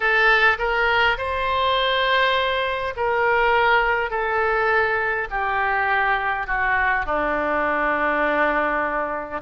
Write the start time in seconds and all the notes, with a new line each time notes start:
0.00 A4
0.58 A#4
1.17 C5
2.96 A#4
4.10 A4
5.30 G4
6.47 F#4
7.05 D4